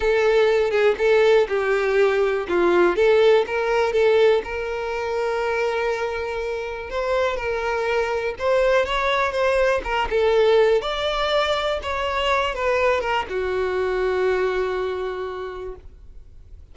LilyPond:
\new Staff \with { instrumentName = "violin" } { \time 4/4 \tempo 4 = 122 a'4. gis'8 a'4 g'4~ | g'4 f'4 a'4 ais'4 | a'4 ais'2.~ | ais'2 c''4 ais'4~ |
ais'4 c''4 cis''4 c''4 | ais'8 a'4. d''2 | cis''4. b'4 ais'8 fis'4~ | fis'1 | }